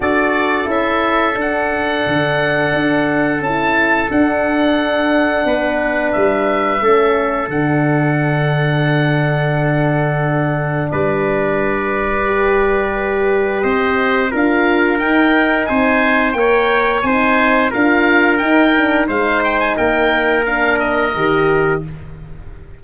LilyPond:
<<
  \new Staff \with { instrumentName = "oboe" } { \time 4/4 \tempo 4 = 88 d''4 e''4 fis''2~ | fis''4 a''4 fis''2~ | fis''4 e''2 fis''4~ | fis''1 |
d''1 | dis''4 f''4 g''4 gis''4 | g''4 gis''4 f''4 g''4 | f''8 g''16 gis''16 g''4 f''8 dis''4. | }
  \new Staff \with { instrumentName = "trumpet" } { \time 4/4 a'1~ | a'1 | b'2 a'2~ | a'1 |
b'1 | c''4 ais'2 c''4 | cis''4 c''4 ais'2 | c''4 ais'2. | }
  \new Staff \with { instrumentName = "horn" } { \time 4/4 fis'4 e'4 d'2~ | d'4 e'4 d'2~ | d'2 cis'4 d'4~ | d'1~ |
d'2 g'2~ | g'4 f'4 dis'2 | ais'4 dis'4 f'4 dis'8 d'8 | dis'2 d'4 g'4 | }
  \new Staff \with { instrumentName = "tuba" } { \time 4/4 d'4 cis'4 d'4 d4 | d'4 cis'4 d'2 | b4 g4 a4 d4~ | d1 |
g1 | c'4 d'4 dis'4 c'4 | ais4 c'4 d'4 dis'4 | gis4 ais2 dis4 | }
>>